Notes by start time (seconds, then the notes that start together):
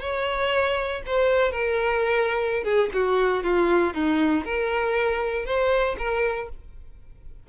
0.00 C#5
1.06 C5
1.51 A#4
2.63 G#4
2.93 F#4
3.43 F4
3.93 D#4
4.44 A#4
5.45 C5
5.98 A#4